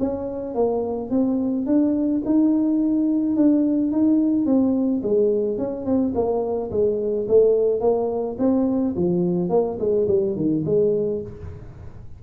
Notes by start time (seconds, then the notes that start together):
0.00 C#4
0.55 A#3
1.10 C4
1.66 D4
2.26 D#4
3.36 D4
3.92 D#4
4.46 C4
5.03 G#3
5.58 C#4
5.86 C4
6.15 A#3
6.71 G#3
7.28 A3
7.81 A#3
8.39 C4
8.96 F3
9.50 A#3
9.80 G#3
10.08 G3
10.36 D#3
10.65 G#3